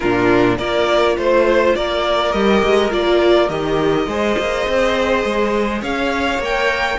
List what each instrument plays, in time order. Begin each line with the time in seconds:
0.00 cello A#2, viola D4, violin F4 A#4
0.58 cello A#3, viola F4, violin A#4 D5
1.17 cello A3, violin C5
1.75 cello A#3, violin A#4 D5
2.32 cello G3, viola G4, violin D#5
2.63 cello G#3
2.90 cello A#3, viola F4, violin D5
3.49 cello D#3, viola G4, violin D#5
4.06 cello G#3, viola G#4, violin C5
4.38 cello A#3
4.67 cello C4
5.24 cello G#3
5.81 cello C#4, violin C#5 F5
6.38 cello A#3, viola A#4, violin G5